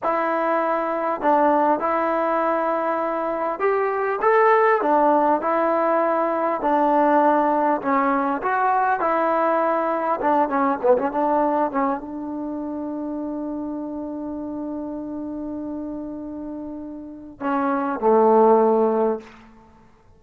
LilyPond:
\new Staff \with { instrumentName = "trombone" } { \time 4/4 \tempo 4 = 100 e'2 d'4 e'4~ | e'2 g'4 a'4 | d'4 e'2 d'4~ | d'4 cis'4 fis'4 e'4~ |
e'4 d'8 cis'8 b16 cis'16 d'4 cis'8 | d'1~ | d'1~ | d'4 cis'4 a2 | }